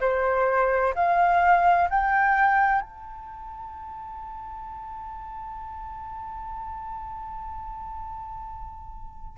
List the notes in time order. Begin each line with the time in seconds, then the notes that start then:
0.00 C5
0.95 F5
1.90 G5
2.81 A5